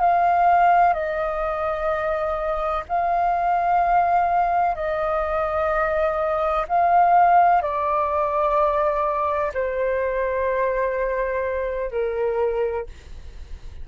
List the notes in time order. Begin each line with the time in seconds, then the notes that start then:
0.00 F5
0.94 D#5
2.89 F5
4.75 D#5
6.68 F5
7.62 D5
9.54 C5
11.91 A#4